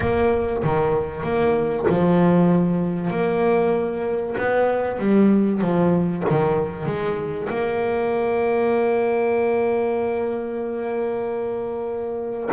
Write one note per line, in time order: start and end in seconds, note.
0.00 0.62 A#3
0.63 1.23 D#3
1.23 1.86 A#3
1.89 3.10 F3
3.10 4.35 A#3
4.37 4.98 B3
4.98 5.61 G3
5.61 6.23 F3
6.29 6.86 D#3
6.86 7.48 G#3
7.49 12.49 A#3